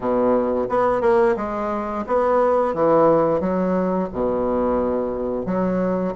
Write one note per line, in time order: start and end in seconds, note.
0.00 0.67 B2
0.69 1.01 B3
1.01 1.35 A#3
1.36 2.04 G#3
2.06 2.73 B3
2.73 3.40 E3
3.40 4.08 F#3
4.12 5.45 B2
5.45 6.14 F#3